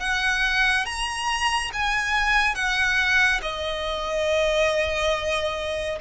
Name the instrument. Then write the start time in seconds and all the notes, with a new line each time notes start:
violin
0.00 F#5
0.86 A#5
1.73 G#5
2.55 F#5
3.42 D#5